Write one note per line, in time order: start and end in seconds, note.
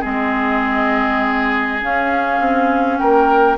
0.00 1.82 G#3
0.00 1.80 C4
0.00 2.97 G#4
0.00 1.82 D#5
1.81 3.57 C#4
1.81 2.40 C#4
1.81 2.98 F5
2.40 2.99 C4
2.98 3.57 A#3
2.98 3.57 A#4
2.98 3.57 G5